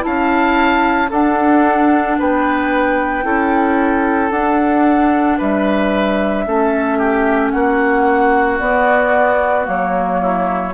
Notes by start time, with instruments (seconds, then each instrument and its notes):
0.00 clarinet E4, flute A5
0.06 bassoon C#4, oboe F5
1.10 bassoon D4, clarinet D4, oboe A4, flute F#5
2.19 bassoon B3, oboe B4, flute G5
3.23 bassoon C#4, clarinet E4, oboe A4
4.31 bassoon D4, clarinet D4, flute F#5
5.38 bassoon G3, oboe B4, flute E5
6.46 bassoon A3, clarinet C#4, oboe A4
6.98 oboe G4
7.51 bassoon A#3, oboe F#4, flute F#5
8.59 clarinet B3, bassoon B3, flute D5
9.64 bassoon F#3, clarinet A#3, flute C#5
10.21 oboe E4